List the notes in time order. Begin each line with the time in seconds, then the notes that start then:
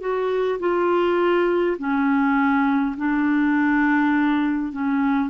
0.00 F#4
0.59 F4
1.78 C#4
2.97 D4
4.72 C#4